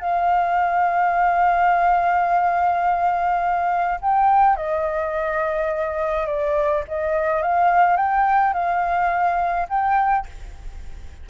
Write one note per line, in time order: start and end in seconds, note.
0.00 4.00 F5
4.01 4.56 G5
4.56 6.27 D#5
6.27 6.84 D5
6.88 7.42 D#5
7.42 7.97 F5
7.97 8.54 G5
8.54 9.68 F5
9.69 10.26 G5